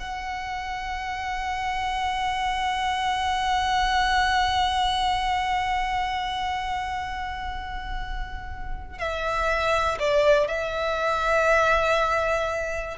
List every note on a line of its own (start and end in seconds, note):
0.00 8.99 F#5
8.99 9.99 E5
9.99 10.48 D5
10.48 12.98 E5